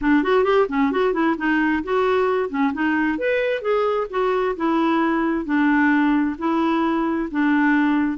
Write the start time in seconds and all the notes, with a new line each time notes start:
0.01 D4
0.23 F#4
0.44 G4
0.69 C#4
0.91 F#4
1.13 E4
1.37 D#4
1.83 F#4
2.49 C#4
2.73 D#4
3.18 B4
3.61 G#4
4.10 F#4
4.56 E4
5.45 D4
6.38 E4
7.31 D4